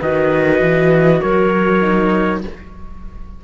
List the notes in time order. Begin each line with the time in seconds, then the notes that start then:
0.00 D#3 F#4 B4 D#5
0.61 E3
1.22 F#3 A#4 C#5
1.81 D#4